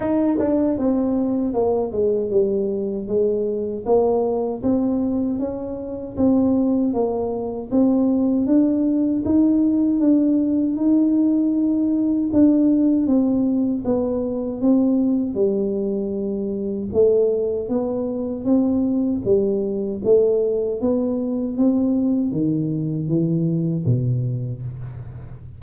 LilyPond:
\new Staff \with { instrumentName = "tuba" } { \time 4/4 \tempo 4 = 78 dis'8 d'8 c'4 ais8 gis8 g4 | gis4 ais4 c'4 cis'4 | c'4 ais4 c'4 d'4 | dis'4 d'4 dis'2 |
d'4 c'4 b4 c'4 | g2 a4 b4 | c'4 g4 a4 b4 | c'4 dis4 e4 b,4 | }